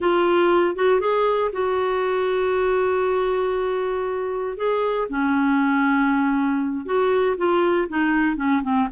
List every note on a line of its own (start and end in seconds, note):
0.00 0.75 F4
0.75 1.00 F#4
1.00 1.51 G#4
1.52 4.57 F#4
4.57 5.08 G#4
5.09 6.85 C#4
6.85 7.36 F#4
7.37 7.88 F4
7.89 8.36 D#4
8.36 8.62 C#4
8.62 8.88 C4